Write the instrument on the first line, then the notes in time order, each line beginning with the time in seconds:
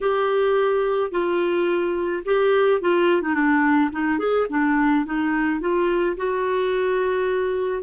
clarinet
0.00 G4
1.11 F4
2.25 G4
2.81 F4
3.22 D#4
3.34 D4
3.91 D#4
4.19 G#4
4.49 D4
5.05 D#4
5.60 F4
6.16 F#4